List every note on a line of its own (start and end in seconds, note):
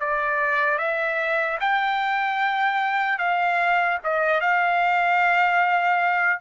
0.00 0.78 D5
0.78 1.58 E5
1.60 3.19 G5
3.19 3.99 F5
4.04 4.40 D#5
4.40 6.40 F5